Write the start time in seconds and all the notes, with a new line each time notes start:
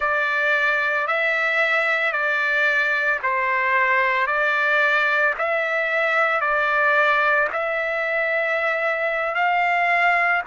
0.00 D5
1.07 E5
2.12 D5
3.22 C5
4.27 D5
5.38 E5
6.40 D5
7.52 E5
9.35 F5